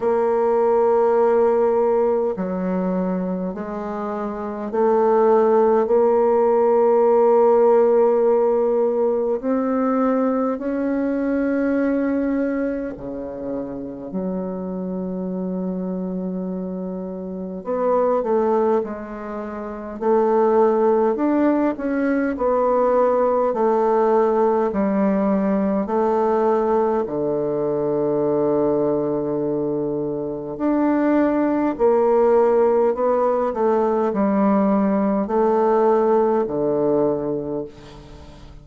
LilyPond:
\new Staff \with { instrumentName = "bassoon" } { \time 4/4 \tempo 4 = 51 ais2 fis4 gis4 | a4 ais2. | c'4 cis'2 cis4 | fis2. b8 a8 |
gis4 a4 d'8 cis'8 b4 | a4 g4 a4 d4~ | d2 d'4 ais4 | b8 a8 g4 a4 d4 | }